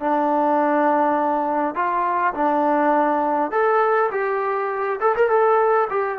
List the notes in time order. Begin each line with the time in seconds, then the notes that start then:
0.00 D4
1.75 F4
2.34 D4
3.51 A4
4.11 G4
5.00 A4
5.16 A#4
5.29 A4
5.90 G4